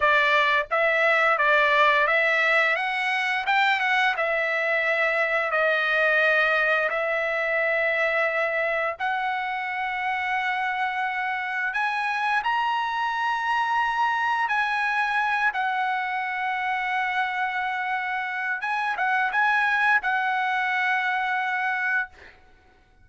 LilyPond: \new Staff \with { instrumentName = "trumpet" } { \time 4/4 \tempo 4 = 87 d''4 e''4 d''4 e''4 | fis''4 g''8 fis''8 e''2 | dis''2 e''2~ | e''4 fis''2.~ |
fis''4 gis''4 ais''2~ | ais''4 gis''4. fis''4.~ | fis''2. gis''8 fis''8 | gis''4 fis''2. | }